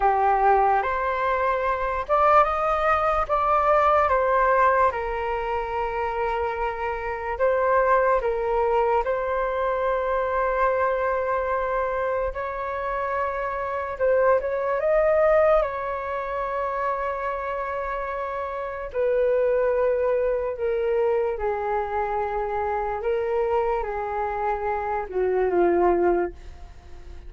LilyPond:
\new Staff \with { instrumentName = "flute" } { \time 4/4 \tempo 4 = 73 g'4 c''4. d''8 dis''4 | d''4 c''4 ais'2~ | ais'4 c''4 ais'4 c''4~ | c''2. cis''4~ |
cis''4 c''8 cis''8 dis''4 cis''4~ | cis''2. b'4~ | b'4 ais'4 gis'2 | ais'4 gis'4. fis'8 f'4 | }